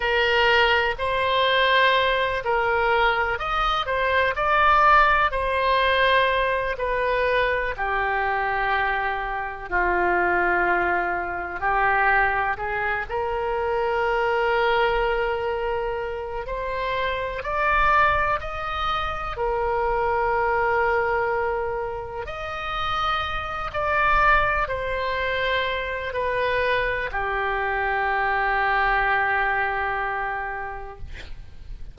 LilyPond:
\new Staff \with { instrumentName = "oboe" } { \time 4/4 \tempo 4 = 62 ais'4 c''4. ais'4 dis''8 | c''8 d''4 c''4. b'4 | g'2 f'2 | g'4 gis'8 ais'2~ ais'8~ |
ais'4 c''4 d''4 dis''4 | ais'2. dis''4~ | dis''8 d''4 c''4. b'4 | g'1 | }